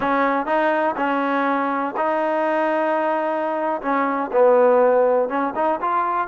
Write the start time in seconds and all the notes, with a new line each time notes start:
0.00 C#4
0.46 D#4
0.96 C#4
1.96 D#4
3.81 C#4
4.32 B3
5.29 C#4
5.55 D#4
5.81 F4